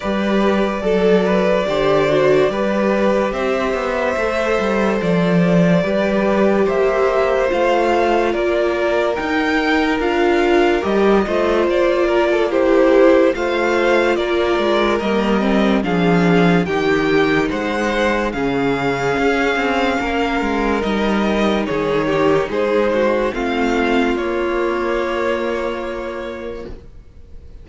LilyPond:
<<
  \new Staff \with { instrumentName = "violin" } { \time 4/4 \tempo 4 = 72 d''1 | e''2 d''2 | e''4 f''4 d''4 g''4 | f''4 dis''4 d''4 c''4 |
f''4 d''4 dis''4 f''4 | g''4 fis''4 f''2~ | f''4 dis''4 cis''4 c''4 | f''4 cis''2. | }
  \new Staff \with { instrumentName = "violin" } { \time 4/4 b'4 a'8 b'8 c''4 b'4 | c''2. b'4 | c''2 ais'2~ | ais'4. c''4 ais'16 a'16 g'4 |
c''4 ais'2 gis'4 | g'4 c''4 gis'2 | ais'2 gis'8 g'8 gis'8 fis'8 | f'1 | }
  \new Staff \with { instrumentName = "viola" } { \time 4/4 g'4 a'4 g'8 fis'8 g'4~ | g'4 a'2 g'4~ | g'4 f'2 dis'4 | f'4 g'8 f'4. e'4 |
f'2 ais8 c'8 d'4 | dis'2 cis'2~ | cis'4 dis'2. | c'4 ais2. | }
  \new Staff \with { instrumentName = "cello" } { \time 4/4 g4 fis4 d4 g4 | c'8 b8 a8 g8 f4 g4 | ais4 a4 ais4 dis'4 | d'4 g8 a8 ais2 |
a4 ais8 gis8 g4 f4 | dis4 gis4 cis4 cis'8 c'8 | ais8 gis8 g4 dis4 gis4 | a4 ais2. | }
>>